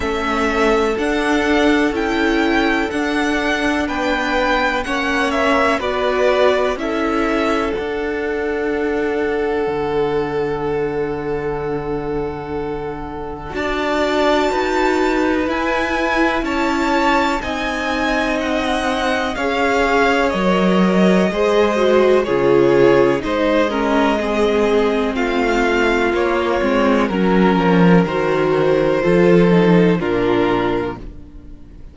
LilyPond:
<<
  \new Staff \with { instrumentName = "violin" } { \time 4/4 \tempo 4 = 62 e''4 fis''4 g''4 fis''4 | g''4 fis''8 e''8 d''4 e''4 | fis''1~ | fis''2 a''2 |
gis''4 a''4 gis''4 fis''4 | f''4 dis''2 cis''4 | dis''2 f''4 cis''4 | ais'4 c''2 ais'4 | }
  \new Staff \with { instrumentName = "violin" } { \time 4/4 a'1 | b'4 cis''4 b'4 a'4~ | a'1~ | a'2 d''4 b'4~ |
b'4 cis''4 dis''2 | cis''2 c''4 gis'4 | c''8 ais'8 gis'4 f'2 | ais'2 a'4 f'4 | }
  \new Staff \with { instrumentName = "viola" } { \time 4/4 cis'4 d'4 e'4 d'4~ | d'4 cis'4 fis'4 e'4 | d'1~ | d'2 fis'2 |
e'2 dis'2 | gis'4 ais'4 gis'8 fis'8 f'4 | dis'8 cis'8 c'2 ais8 c'8 | cis'4 fis'4 f'8 dis'8 d'4 | }
  \new Staff \with { instrumentName = "cello" } { \time 4/4 a4 d'4 cis'4 d'4 | b4 ais4 b4 cis'4 | d'2 d2~ | d2 d'4 dis'4 |
e'4 cis'4 c'2 | cis'4 fis4 gis4 cis4 | gis2 a4 ais8 gis8 | fis8 f8 dis4 f4 ais,4 | }
>>